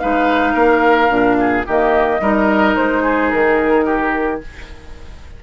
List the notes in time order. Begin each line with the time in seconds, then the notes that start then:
0.00 G#3 D#4 B4 F5
0.54 A#3 A#4
1.09 A#2 D4
1.40 G#4
1.67 D#3 A#3 G4 D#5
2.21 G3 D#4 A#4
2.76 G#3 C5
3.03 G#4
3.31 D#3 A#4
3.86 G4